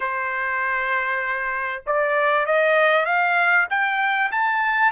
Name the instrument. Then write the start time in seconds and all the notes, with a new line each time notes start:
trumpet
0.00 C5
1.86 D5
2.45 D#5
3.05 F5
3.70 G5
4.31 A5